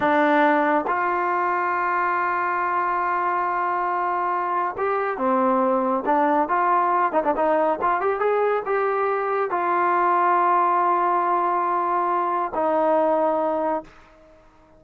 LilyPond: \new Staff \with { instrumentName = "trombone" } { \time 4/4 \tempo 4 = 139 d'2 f'2~ | f'1~ | f'2. g'4 | c'2 d'4 f'4~ |
f'8 dis'16 d'16 dis'4 f'8 g'8 gis'4 | g'2 f'2~ | f'1~ | f'4 dis'2. | }